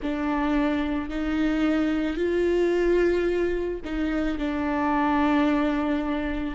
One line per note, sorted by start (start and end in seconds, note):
0.02 1.09 D4
1.09 2.16 D#4
2.16 3.80 F4
3.84 4.38 D#4
4.38 6.55 D4